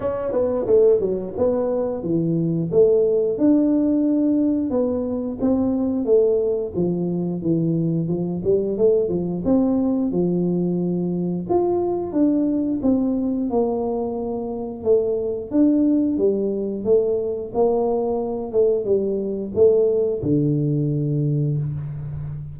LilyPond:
\new Staff \with { instrumentName = "tuba" } { \time 4/4 \tempo 4 = 89 cis'8 b8 a8 fis8 b4 e4 | a4 d'2 b4 | c'4 a4 f4 e4 | f8 g8 a8 f8 c'4 f4~ |
f4 f'4 d'4 c'4 | ais2 a4 d'4 | g4 a4 ais4. a8 | g4 a4 d2 | }